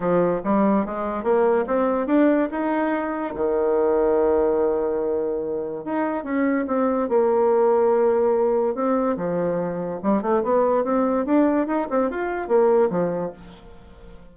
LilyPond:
\new Staff \with { instrumentName = "bassoon" } { \time 4/4 \tempo 4 = 144 f4 g4 gis4 ais4 | c'4 d'4 dis'2 | dis1~ | dis2 dis'4 cis'4 |
c'4 ais2.~ | ais4 c'4 f2 | g8 a8 b4 c'4 d'4 | dis'8 c'8 f'4 ais4 f4 | }